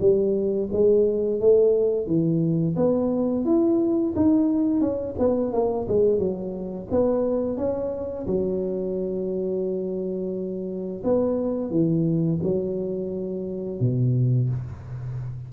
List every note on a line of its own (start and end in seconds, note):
0.00 0.69 G3
0.72 1.40 G#3
1.40 2.07 A3
2.07 2.76 E3
2.76 3.45 B3
3.45 4.14 E4
4.16 4.81 D#4
4.81 5.15 C#4
5.18 5.53 B3
5.53 5.87 A#3
5.88 6.18 G#3
6.18 6.87 F#3
6.91 7.57 B3
7.57 8.26 C#4
8.27 11.03 F#3
11.03 11.71 B3
11.71 12.39 E3
12.43 13.80 F#3
13.80 14.49 B2